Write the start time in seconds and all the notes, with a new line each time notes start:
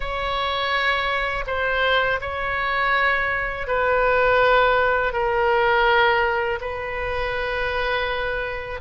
0.00 C#5
1.46 C5
2.21 C#5
3.67 B4
5.13 A#4
6.61 B4